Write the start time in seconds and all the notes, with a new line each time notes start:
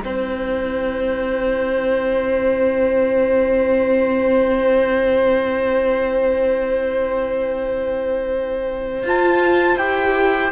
0.00 C4 E4 C5 G5
9.03 F4 A5
9.77 E4 G4 G5